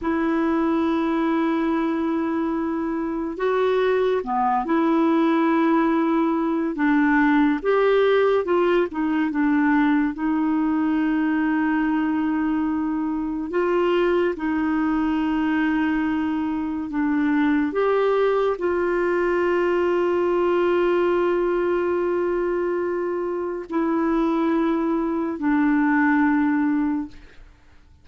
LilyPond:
\new Staff \with { instrumentName = "clarinet" } { \time 4/4 \tempo 4 = 71 e'1 | fis'4 b8 e'2~ e'8 | d'4 g'4 f'8 dis'8 d'4 | dis'1 |
f'4 dis'2. | d'4 g'4 f'2~ | f'1 | e'2 d'2 | }